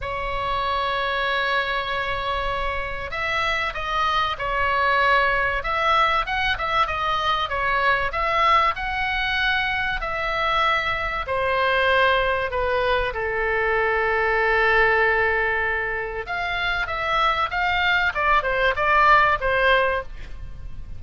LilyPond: \new Staff \with { instrumentName = "oboe" } { \time 4/4 \tempo 4 = 96 cis''1~ | cis''4 e''4 dis''4 cis''4~ | cis''4 e''4 fis''8 e''8 dis''4 | cis''4 e''4 fis''2 |
e''2 c''2 | b'4 a'2.~ | a'2 f''4 e''4 | f''4 d''8 c''8 d''4 c''4 | }